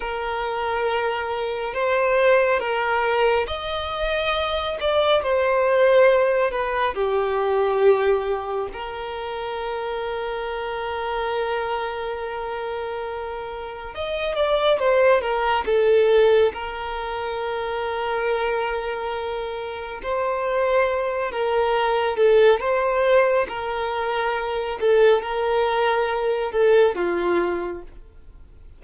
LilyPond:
\new Staff \with { instrumentName = "violin" } { \time 4/4 \tempo 4 = 69 ais'2 c''4 ais'4 | dis''4. d''8 c''4. b'8 | g'2 ais'2~ | ais'1 |
dis''8 d''8 c''8 ais'8 a'4 ais'4~ | ais'2. c''4~ | c''8 ais'4 a'8 c''4 ais'4~ | ais'8 a'8 ais'4. a'8 f'4 | }